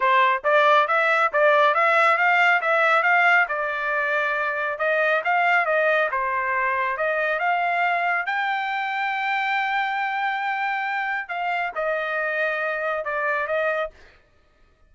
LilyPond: \new Staff \with { instrumentName = "trumpet" } { \time 4/4 \tempo 4 = 138 c''4 d''4 e''4 d''4 | e''4 f''4 e''4 f''4 | d''2. dis''4 | f''4 dis''4 c''2 |
dis''4 f''2 g''4~ | g''1~ | g''2 f''4 dis''4~ | dis''2 d''4 dis''4 | }